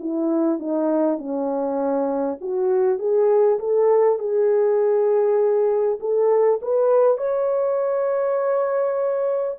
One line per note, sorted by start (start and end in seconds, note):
0.00 0.59 E4
0.59 1.18 D#4
1.18 2.38 C#4
2.42 2.99 F#4
2.99 3.59 G#4
3.59 4.19 A4
4.19 5.99 G#4
6.01 6.61 A4
6.63 7.18 B4
7.18 9.58 C#5